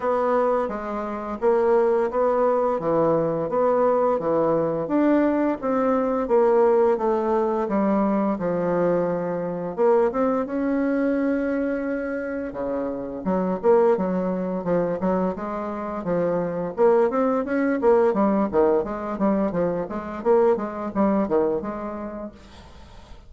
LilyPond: \new Staff \with { instrumentName = "bassoon" } { \time 4/4 \tempo 4 = 86 b4 gis4 ais4 b4 | e4 b4 e4 d'4 | c'4 ais4 a4 g4 | f2 ais8 c'8 cis'4~ |
cis'2 cis4 fis8 ais8 | fis4 f8 fis8 gis4 f4 | ais8 c'8 cis'8 ais8 g8 dis8 gis8 g8 | f8 gis8 ais8 gis8 g8 dis8 gis4 | }